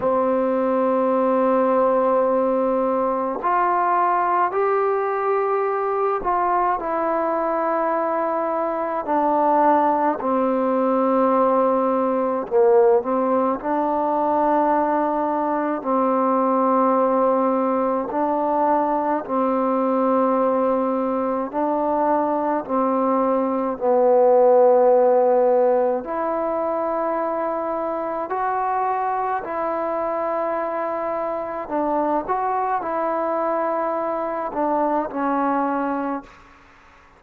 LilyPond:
\new Staff \with { instrumentName = "trombone" } { \time 4/4 \tempo 4 = 53 c'2. f'4 | g'4. f'8 e'2 | d'4 c'2 ais8 c'8 | d'2 c'2 |
d'4 c'2 d'4 | c'4 b2 e'4~ | e'4 fis'4 e'2 | d'8 fis'8 e'4. d'8 cis'4 | }